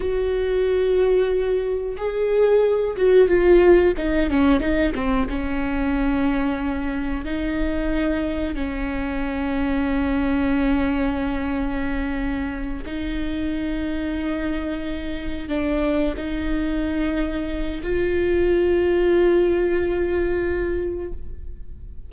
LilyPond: \new Staff \with { instrumentName = "viola" } { \time 4/4 \tempo 4 = 91 fis'2. gis'4~ | gis'8 fis'8 f'4 dis'8 cis'8 dis'8 c'8 | cis'2. dis'4~ | dis'4 cis'2.~ |
cis'2.~ cis'8 dis'8~ | dis'2.~ dis'8 d'8~ | d'8 dis'2~ dis'8 f'4~ | f'1 | }